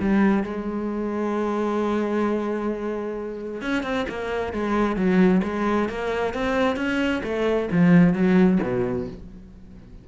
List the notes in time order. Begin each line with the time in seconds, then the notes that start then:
0.00 G3
0.44 G#3
3.62 C#4
3.83 C4
4.09 A#3
4.53 G#3
4.96 F#3
5.44 G#3
5.90 A#3
6.34 C4
6.77 C#4
7.24 A3
7.72 F3
8.14 F#3
8.63 B2